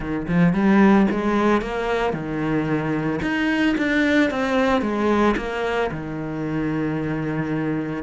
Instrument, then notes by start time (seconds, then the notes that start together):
cello
0.00 D#3
0.28 F3
0.53 G3
1.10 G#3
1.61 A#3
2.13 D#3
3.22 D#4
3.77 D4
4.30 C4
4.81 G#3
5.36 A#3
5.91 D#3